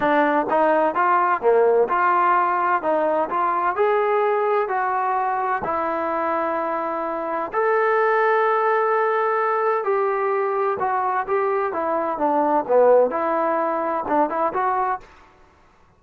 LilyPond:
\new Staff \with { instrumentName = "trombone" } { \time 4/4 \tempo 4 = 128 d'4 dis'4 f'4 ais4 | f'2 dis'4 f'4 | gis'2 fis'2 | e'1 |
a'1~ | a'4 g'2 fis'4 | g'4 e'4 d'4 b4 | e'2 d'8 e'8 fis'4 | }